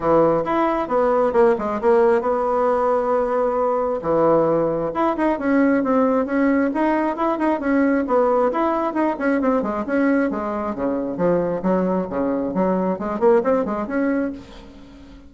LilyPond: \new Staff \with { instrumentName = "bassoon" } { \time 4/4 \tempo 4 = 134 e4 e'4 b4 ais8 gis8 | ais4 b2.~ | b4 e2 e'8 dis'8 | cis'4 c'4 cis'4 dis'4 |
e'8 dis'8 cis'4 b4 e'4 | dis'8 cis'8 c'8 gis8 cis'4 gis4 | cis4 f4 fis4 cis4 | fis4 gis8 ais8 c'8 gis8 cis'4 | }